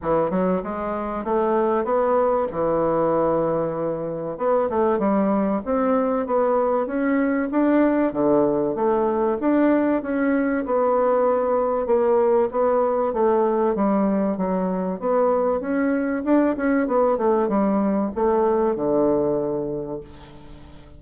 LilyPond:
\new Staff \with { instrumentName = "bassoon" } { \time 4/4 \tempo 4 = 96 e8 fis8 gis4 a4 b4 | e2. b8 a8 | g4 c'4 b4 cis'4 | d'4 d4 a4 d'4 |
cis'4 b2 ais4 | b4 a4 g4 fis4 | b4 cis'4 d'8 cis'8 b8 a8 | g4 a4 d2 | }